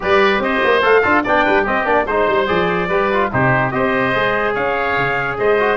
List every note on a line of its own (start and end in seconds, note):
0.00 0.39 G3
0.00 0.80 G4
0.00 0.43 B4
0.00 0.41 D5
0.39 0.60 C4
0.39 1.01 C5
0.39 0.82 D#5
0.64 0.82 A#3
0.82 1.03 A3
0.82 1.02 A4
0.82 1.25 F5
1.01 1.25 D4
1.01 1.23 F4
1.01 1.22 A4
1.24 1.46 B3
1.24 1.65 D4
1.24 1.44 D5
1.24 1.66 G5
1.44 1.66 G3
1.44 1.62 B4
1.62 1.84 C4
1.62 2.03 G4
1.62 1.86 D#5
1.84 2.05 A#3
1.84 2.05 D4
1.84 2.06 D5
2.06 2.27 G#3
2.06 2.46 D#4
2.06 2.88 C5
2.06 2.48 C5
2.28 2.49 G3
2.46 2.88 F3
2.46 2.88 G#4
2.46 3.30 D5
2.88 3.30 G3
2.88 3.12 G4
2.88 3.30 B4
3.12 3.31 F4
3.31 3.73 C3
3.31 3.71 D#4
3.31 3.73 G4
3.31 3.71 C5
3.71 4.14 C4
3.71 4.13 G4
3.71 4.54 C5
3.71 4.53 D#5
4.13 4.56 G#3
4.13 5.57 G#4
4.54 4.96 C#4
4.54 5.37 C#5
4.54 5.37 F5
4.96 5.38 C#3
5.38 5.76 G#3
5.38 5.76 C5
5.38 5.76 D#5
5.59 5.76 F#4